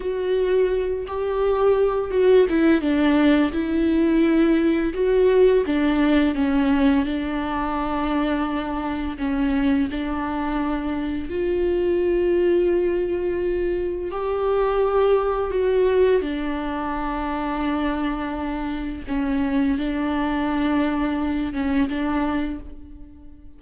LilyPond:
\new Staff \with { instrumentName = "viola" } { \time 4/4 \tempo 4 = 85 fis'4. g'4. fis'8 e'8 | d'4 e'2 fis'4 | d'4 cis'4 d'2~ | d'4 cis'4 d'2 |
f'1 | g'2 fis'4 d'4~ | d'2. cis'4 | d'2~ d'8 cis'8 d'4 | }